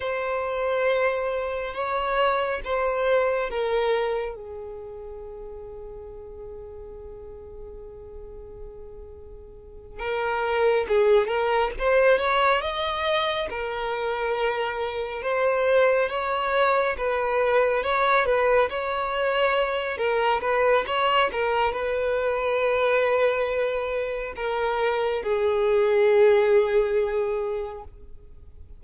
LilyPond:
\new Staff \with { instrumentName = "violin" } { \time 4/4 \tempo 4 = 69 c''2 cis''4 c''4 | ais'4 gis'2.~ | gis'2.~ gis'8 ais'8~ | ais'8 gis'8 ais'8 c''8 cis''8 dis''4 ais'8~ |
ais'4. c''4 cis''4 b'8~ | b'8 cis''8 b'8 cis''4. ais'8 b'8 | cis''8 ais'8 b'2. | ais'4 gis'2. | }